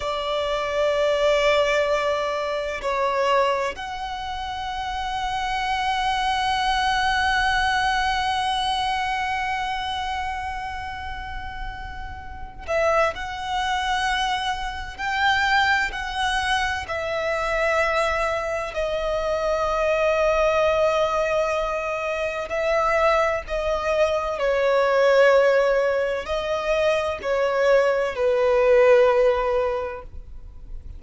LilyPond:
\new Staff \with { instrumentName = "violin" } { \time 4/4 \tempo 4 = 64 d''2. cis''4 | fis''1~ | fis''1~ | fis''4. e''8 fis''2 |
g''4 fis''4 e''2 | dis''1 | e''4 dis''4 cis''2 | dis''4 cis''4 b'2 | }